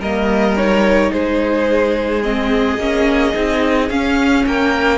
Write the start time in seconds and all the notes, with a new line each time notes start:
0.00 G3 A#3 A#4 D#5
0.57 D#4 C#5
1.12 G#3 G#4 C5
2.23 C4 D#5
2.78 A#3 C#4
3.34 C4 D#4
3.90 C#4 F5
4.47 A#3 A#4 G5